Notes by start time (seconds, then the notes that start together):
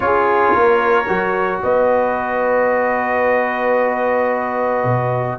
0.00 C#4 F4 G#4 C#5
0.54 A#3 A#4
1.07 F#3 F#4
1.62 B3 B4 D#5
4.84 B2